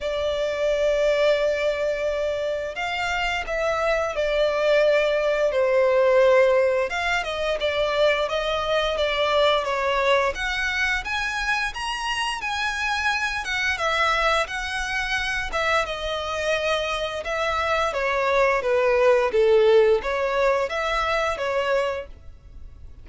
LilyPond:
\new Staff \with { instrumentName = "violin" } { \time 4/4 \tempo 4 = 87 d''1 | f''4 e''4 d''2 | c''2 f''8 dis''8 d''4 | dis''4 d''4 cis''4 fis''4 |
gis''4 ais''4 gis''4. fis''8 | e''4 fis''4. e''8 dis''4~ | dis''4 e''4 cis''4 b'4 | a'4 cis''4 e''4 cis''4 | }